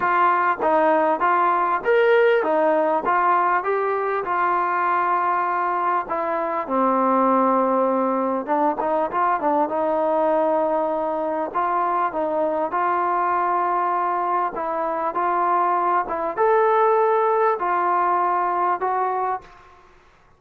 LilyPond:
\new Staff \with { instrumentName = "trombone" } { \time 4/4 \tempo 4 = 99 f'4 dis'4 f'4 ais'4 | dis'4 f'4 g'4 f'4~ | f'2 e'4 c'4~ | c'2 d'8 dis'8 f'8 d'8 |
dis'2. f'4 | dis'4 f'2. | e'4 f'4. e'8 a'4~ | a'4 f'2 fis'4 | }